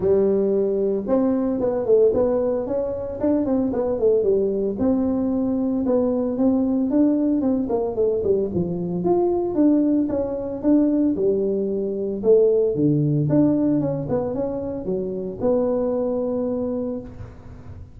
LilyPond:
\new Staff \with { instrumentName = "tuba" } { \time 4/4 \tempo 4 = 113 g2 c'4 b8 a8 | b4 cis'4 d'8 c'8 b8 a8 | g4 c'2 b4 | c'4 d'4 c'8 ais8 a8 g8 |
f4 f'4 d'4 cis'4 | d'4 g2 a4 | d4 d'4 cis'8 b8 cis'4 | fis4 b2. | }